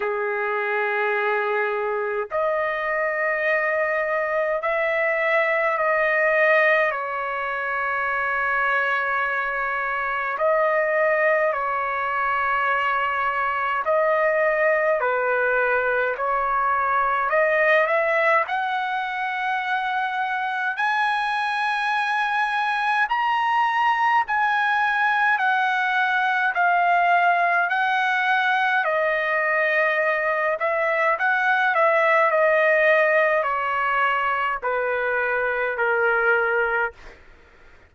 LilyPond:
\new Staff \with { instrumentName = "trumpet" } { \time 4/4 \tempo 4 = 52 gis'2 dis''2 | e''4 dis''4 cis''2~ | cis''4 dis''4 cis''2 | dis''4 b'4 cis''4 dis''8 e''8 |
fis''2 gis''2 | ais''4 gis''4 fis''4 f''4 | fis''4 dis''4. e''8 fis''8 e''8 | dis''4 cis''4 b'4 ais'4 | }